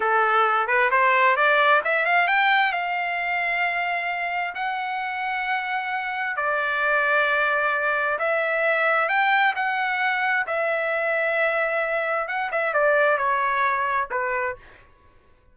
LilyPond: \new Staff \with { instrumentName = "trumpet" } { \time 4/4 \tempo 4 = 132 a'4. b'8 c''4 d''4 | e''8 f''8 g''4 f''2~ | f''2 fis''2~ | fis''2 d''2~ |
d''2 e''2 | g''4 fis''2 e''4~ | e''2. fis''8 e''8 | d''4 cis''2 b'4 | }